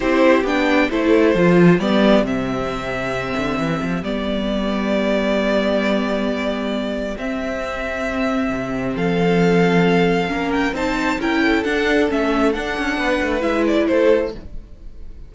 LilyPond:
<<
  \new Staff \with { instrumentName = "violin" } { \time 4/4 \tempo 4 = 134 c''4 g''4 c''2 | d''4 e''2.~ | e''4 d''2.~ | d''1 |
e''1 | f''2.~ f''8 g''8 | a''4 g''4 fis''4 e''4 | fis''2 e''8 d''8 c''4 | }
  \new Staff \with { instrumentName = "violin" } { \time 4/4 g'2 a'2 | g'1~ | g'1~ | g'1~ |
g'1 | a'2. ais'4 | c''4 ais'8 a'2~ a'8~ | a'4 b'2 a'4 | }
  \new Staff \with { instrumentName = "viola" } { \time 4/4 e'4 d'4 e'4 f'4 | b4 c'2.~ | c'4 b2.~ | b1 |
c'1~ | c'2. cis'4 | dis'4 e'4 d'4 cis'4 | d'2 e'2 | }
  \new Staff \with { instrumentName = "cello" } { \time 4/4 c'4 b4 a4 f4 | g4 c2~ c8 d8 | e8 f8 g2.~ | g1 |
c'2. c4 | f2. ais4 | c'4 cis'4 d'4 a4 | d'8 cis'8 b8 a8 gis4 a4 | }
>>